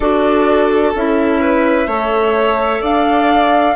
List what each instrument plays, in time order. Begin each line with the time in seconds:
0.00 bassoon D4, clarinet F#4, violin A4, flute D5
0.95 bassoon C#4, clarinet E4, flute E5
1.40 violin B4
1.87 bassoon A3, clarinet A4, violin C#5
2.81 bassoon D4, violin D5, flute F5